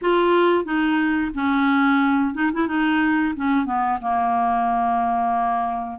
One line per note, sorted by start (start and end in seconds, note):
0.01 0.65 F4
0.65 1.31 D#4
1.34 2.34 C#4
2.34 2.51 D#4
2.53 2.67 E4
2.67 3.34 D#4
3.36 3.65 C#4
3.65 3.98 B3
4.01 5.99 A#3